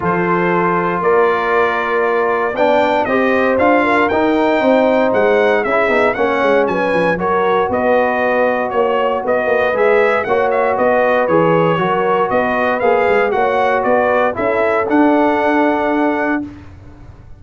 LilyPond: <<
  \new Staff \with { instrumentName = "trumpet" } { \time 4/4 \tempo 4 = 117 c''2 d''2~ | d''4 g''4 dis''4 f''4 | g''2 fis''4 e''4 | fis''4 gis''4 cis''4 dis''4~ |
dis''4 cis''4 dis''4 e''4 | fis''8 e''8 dis''4 cis''2 | dis''4 f''4 fis''4 d''4 | e''4 fis''2. | }
  \new Staff \with { instrumentName = "horn" } { \time 4/4 a'2 ais'2~ | ais'4 d''4 c''4. ais'8~ | ais'4 c''2 gis'4 | cis''4 b'4 ais'4 b'4~ |
b'4 cis''4 b'2 | cis''4 b'2 ais'4 | b'2 cis''4 b'4 | a'1 | }
  \new Staff \with { instrumentName = "trombone" } { \time 4/4 f'1~ | f'4 d'4 g'4 f'4 | dis'2. e'8 dis'8 | cis'2 fis'2~ |
fis'2. gis'4 | fis'2 gis'4 fis'4~ | fis'4 gis'4 fis'2 | e'4 d'2. | }
  \new Staff \with { instrumentName = "tuba" } { \time 4/4 f2 ais2~ | ais4 b4 c'4 d'4 | dis'4 c'4 gis4 cis'8 b8 | ais8 gis8 fis8 f8 fis4 b4~ |
b4 ais4 b8 ais8 gis4 | ais4 b4 e4 fis4 | b4 ais8 gis8 ais4 b4 | cis'4 d'2. | }
>>